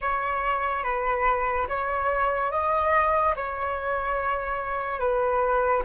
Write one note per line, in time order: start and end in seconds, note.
0.01 0.83 C#5
0.83 1.67 B4
1.68 2.51 C#5
2.51 3.34 D#5
3.35 4.99 C#5
4.99 5.83 B4